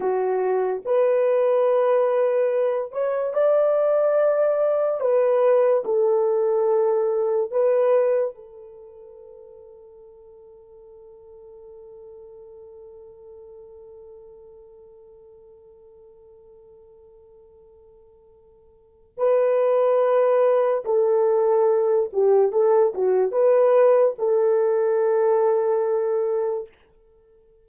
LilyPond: \new Staff \with { instrumentName = "horn" } { \time 4/4 \tempo 4 = 72 fis'4 b'2~ b'8 cis''8 | d''2 b'4 a'4~ | a'4 b'4 a'2~ | a'1~ |
a'1~ | a'2. b'4~ | b'4 a'4. g'8 a'8 fis'8 | b'4 a'2. | }